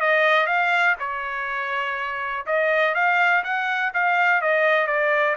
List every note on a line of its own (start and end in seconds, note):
0.00 0.47 D#5
0.47 0.95 F5
0.99 2.45 C#5
2.46 2.95 D#5
2.95 3.43 F5
3.44 3.92 F#5
3.94 4.41 F5
4.41 4.87 D#5
4.87 5.36 D5